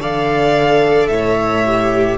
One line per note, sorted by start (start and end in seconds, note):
0.00 1.09 D3
0.00 1.64 A4
0.00 1.10 D5
0.00 1.08 F5
1.08 2.17 A2
1.08 2.17 C#5
1.08 2.17 E5
1.66 2.17 G4